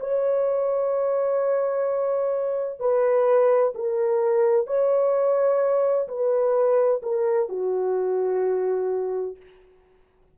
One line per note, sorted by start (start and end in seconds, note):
0.00 2.80 C#5
2.80 3.74 B4
3.75 4.67 A#4
4.67 6.08 C#5
6.08 7.02 B4
7.03 7.49 A#4
7.49 9.37 F#4